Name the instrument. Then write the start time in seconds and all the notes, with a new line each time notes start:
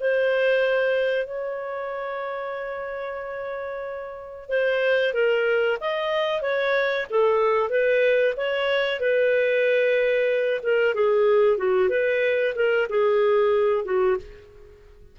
clarinet
0.00 C5
1.27 C#5
4.49 C5
5.14 A#4
5.81 D#5
6.42 C#5
7.10 A4
7.69 B4
8.37 C#5
9.00 B4
10.63 A#4
10.94 G#4
11.58 F#4
11.89 B4
12.55 A#4
12.89 G#4
13.85 F#4